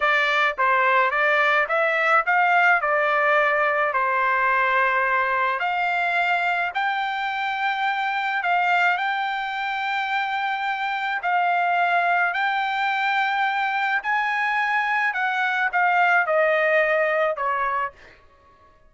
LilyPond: \new Staff \with { instrumentName = "trumpet" } { \time 4/4 \tempo 4 = 107 d''4 c''4 d''4 e''4 | f''4 d''2 c''4~ | c''2 f''2 | g''2. f''4 |
g''1 | f''2 g''2~ | g''4 gis''2 fis''4 | f''4 dis''2 cis''4 | }